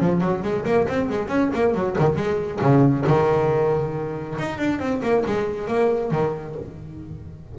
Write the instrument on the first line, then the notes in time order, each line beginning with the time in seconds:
double bass
0.00 F3
0.21 F#3
0.43 G#3
0.65 A#3
0.88 C4
1.09 G#3
1.28 C#4
1.54 A#3
1.74 F#3
1.98 D#3
2.16 G#3
2.61 C#3
3.07 D#3
4.39 D#4
4.58 D4
4.79 C4
5.02 A#3
5.26 G#3
5.68 A#3
6.11 D#3